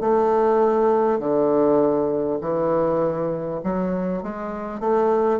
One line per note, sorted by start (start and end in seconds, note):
0.00 1.19 A3
1.19 2.39 D3
2.41 3.61 E3
3.63 4.23 F#3
4.23 4.79 G#3
4.79 5.39 A3